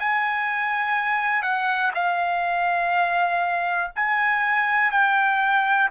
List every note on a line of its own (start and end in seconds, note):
0.00 1.43 G#5
1.43 1.92 F#5
1.94 3.91 F5
3.96 4.91 G#5
4.91 5.90 G5